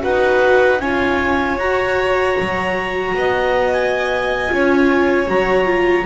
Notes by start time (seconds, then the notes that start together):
0.00 D#4 F#4 B4 F#5
0.79 C#4 F4 C#5 G#5
1.58 F#4 A#5
2.39 F#3
3.14 B3 D#5
3.73 G#5
4.48 C#4 F4
4.54 C#5
5.28 F#3 F#4 A#5
5.65 F4